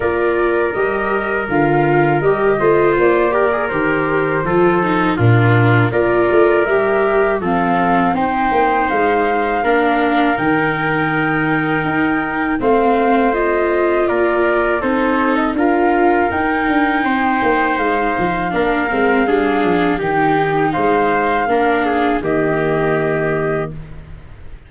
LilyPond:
<<
  \new Staff \with { instrumentName = "flute" } { \time 4/4 \tempo 4 = 81 d''4 dis''4 f''4 dis''4 | d''4 c''2 ais'4 | d''4 e''4 f''4 g''4 | f''2 g''2~ |
g''4 f''4 dis''4 d''4 | c''8. dis''16 f''4 g''2 | f''2. g''4 | f''2 dis''2 | }
  \new Staff \with { instrumentName = "trumpet" } { \time 4/4 ais'2.~ ais'8 c''8~ | c''8 ais'4. a'4 f'4 | ais'2 a'4 c''4~ | c''4 ais'2.~ |
ais'4 c''2 ais'4 | a'4 ais'2 c''4~ | c''4 ais'4 gis'4 g'4 | c''4 ais'8 gis'8 g'2 | }
  \new Staff \with { instrumentName = "viola" } { \time 4/4 f'4 g'4 f'4 g'8 f'8~ | f'8 g'16 gis'16 g'4 f'8 dis'8 d'4 | f'4 g'4 c'4 dis'4~ | dis'4 d'4 dis'2~ |
dis'4 c'4 f'2 | dis'4 f'4 dis'2~ | dis'4 d'8 c'8 d'4 dis'4~ | dis'4 d'4 ais2 | }
  \new Staff \with { instrumentName = "tuba" } { \time 4/4 ais4 g4 d4 g8 a8 | ais4 dis4 f4 ais,4 | ais8 a8 g4 f4 c'8 ais8 | gis4 ais4 dis2 |
dis'4 a2 ais4 | c'4 d'4 dis'8 d'8 c'8 ais8 | gis8 f8 ais8 gis8 g8 f8 dis4 | gis4 ais4 dis2 | }
>>